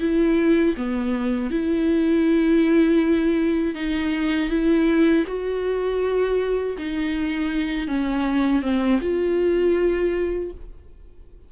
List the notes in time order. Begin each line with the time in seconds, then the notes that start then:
0.00 E4
0.77 B3
1.50 E4
3.75 D#4
4.50 E4
5.27 F#4
6.78 D#4
7.88 C#4
8.62 C4
9.01 F4